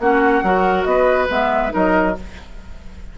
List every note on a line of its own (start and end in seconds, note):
0.00 0.43 A#3
0.00 0.45 C#4
0.00 0.45 F#4
0.00 0.84 F#5
0.43 0.86 F#3
0.43 1.29 F#4
0.43 0.87 A#4
0.84 1.29 B3
0.84 1.73 B4
0.84 1.27 D#5
1.29 1.73 G#3
1.29 1.70 B3
1.29 1.74 E5
1.70 2.18 F#3
1.70 2.12 D#4
1.70 2.16 A#4
1.76 2.19 D#5